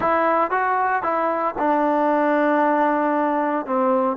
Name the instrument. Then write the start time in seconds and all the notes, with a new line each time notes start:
trombone
0.00 E4
0.51 F#4
1.02 E4
1.58 D4
3.66 C4